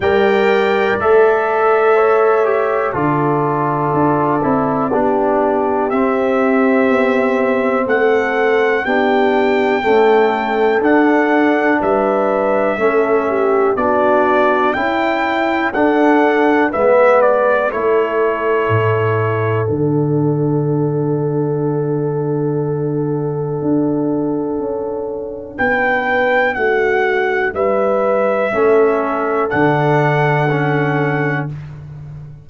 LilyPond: <<
  \new Staff \with { instrumentName = "trumpet" } { \time 4/4 \tempo 4 = 61 g''4 e''2 d''4~ | d''2 e''2 | fis''4 g''2 fis''4 | e''2 d''4 g''4 |
fis''4 e''8 d''8 cis''2 | fis''1~ | fis''2 g''4 fis''4 | e''2 fis''2 | }
  \new Staff \with { instrumentName = "horn" } { \time 4/4 d''2 cis''4 a'4~ | a'4 g'2. | a'4 g'4 a'2 | b'4 a'8 g'8 fis'4 e'4 |
a'4 b'4 a'2~ | a'1~ | a'2 b'4 fis'4 | b'4 a'2. | }
  \new Staff \with { instrumentName = "trombone" } { \time 4/4 ais'4 a'4. g'8 f'4~ | f'8 e'8 d'4 c'2~ | c'4 d'4 a4 d'4~ | d'4 cis'4 d'4 e'4 |
d'4 b4 e'2 | d'1~ | d'1~ | d'4 cis'4 d'4 cis'4 | }
  \new Staff \with { instrumentName = "tuba" } { \time 4/4 g4 a2 d4 | d'8 c'8 b4 c'4 b4 | a4 b4 cis'4 d'4 | g4 a4 b4 cis'4 |
d'4 gis4 a4 a,4 | d1 | d'4 cis'4 b4 a4 | g4 a4 d2 | }
>>